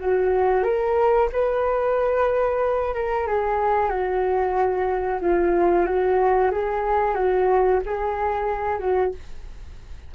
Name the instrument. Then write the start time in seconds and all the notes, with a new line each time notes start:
flute
0.00 F#4
0.64 A#4
1.33 B4
2.95 A#4
3.27 G#4
3.90 F#4
5.21 F4
5.86 F#4
6.52 G#4
7.15 F#4
7.86 G#4
8.80 F#4